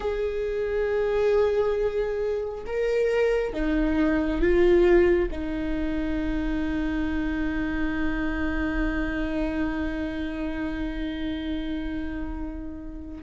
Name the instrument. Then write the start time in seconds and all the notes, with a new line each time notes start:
viola
0.00 G#4
2.66 A#4
3.53 D#4
4.41 F4
5.31 D#4